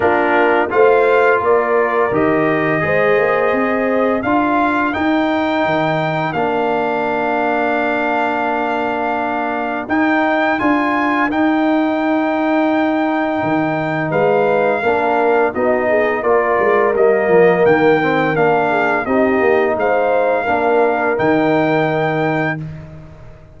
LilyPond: <<
  \new Staff \with { instrumentName = "trumpet" } { \time 4/4 \tempo 4 = 85 ais'4 f''4 d''4 dis''4~ | dis''2 f''4 g''4~ | g''4 f''2.~ | f''2 g''4 gis''4 |
g''1 | f''2 dis''4 d''4 | dis''4 g''4 f''4 dis''4 | f''2 g''2 | }
  \new Staff \with { instrumentName = "horn" } { \time 4/4 f'4 c''4 ais'2 | c''2 ais'2~ | ais'1~ | ais'1~ |
ais'1 | b'4 ais'4 fis'8 gis'8 ais'4~ | ais'2~ ais'8 gis'8 g'4 | c''4 ais'2. | }
  \new Staff \with { instrumentName = "trombone" } { \time 4/4 d'4 f'2 g'4 | gis'2 f'4 dis'4~ | dis'4 d'2.~ | d'2 dis'4 f'4 |
dis'1~ | dis'4 d'4 dis'4 f'4 | ais4. c'8 d'4 dis'4~ | dis'4 d'4 dis'2 | }
  \new Staff \with { instrumentName = "tuba" } { \time 4/4 ais4 a4 ais4 dis4 | gis8 ais8 c'4 d'4 dis'4 | dis4 ais2.~ | ais2 dis'4 d'4 |
dis'2. dis4 | gis4 ais4 b4 ais8 gis8 | g8 f8 dis4 ais4 c'8 ais8 | gis4 ais4 dis2 | }
>>